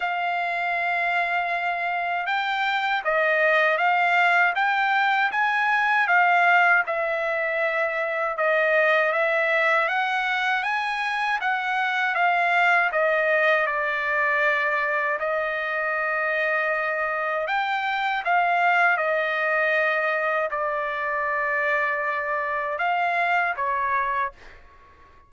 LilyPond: \new Staff \with { instrumentName = "trumpet" } { \time 4/4 \tempo 4 = 79 f''2. g''4 | dis''4 f''4 g''4 gis''4 | f''4 e''2 dis''4 | e''4 fis''4 gis''4 fis''4 |
f''4 dis''4 d''2 | dis''2. g''4 | f''4 dis''2 d''4~ | d''2 f''4 cis''4 | }